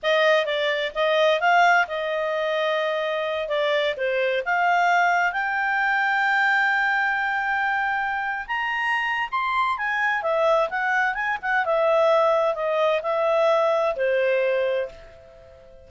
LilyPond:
\new Staff \with { instrumentName = "clarinet" } { \time 4/4 \tempo 4 = 129 dis''4 d''4 dis''4 f''4 | dis''2.~ dis''8 d''8~ | d''8 c''4 f''2 g''8~ | g''1~ |
g''2~ g''16 ais''4.~ ais''16 | c'''4 gis''4 e''4 fis''4 | gis''8 fis''8 e''2 dis''4 | e''2 c''2 | }